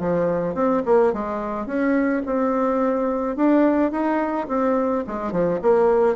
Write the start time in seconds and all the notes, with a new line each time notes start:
0.00 F3
0.55 C4
0.86 A#3
1.13 G#3
1.66 C#4
2.26 C4
3.36 D4
3.92 D#4
4.48 C4
5.07 G#3
5.32 F3
5.62 A#3